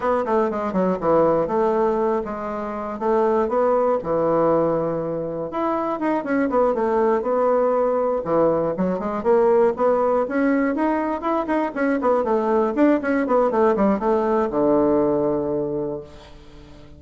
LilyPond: \new Staff \with { instrumentName = "bassoon" } { \time 4/4 \tempo 4 = 120 b8 a8 gis8 fis8 e4 a4~ | a8 gis4. a4 b4 | e2. e'4 | dis'8 cis'8 b8 a4 b4.~ |
b8 e4 fis8 gis8 ais4 b8~ | b8 cis'4 dis'4 e'8 dis'8 cis'8 | b8 a4 d'8 cis'8 b8 a8 g8 | a4 d2. | }